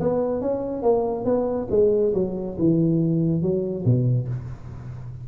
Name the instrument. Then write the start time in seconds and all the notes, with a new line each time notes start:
tuba
0.00 B3
0.41 C#4
0.82 A#3
1.25 B3
1.71 G#3
2.14 F#3
2.59 E3
3.42 F#3
3.85 B2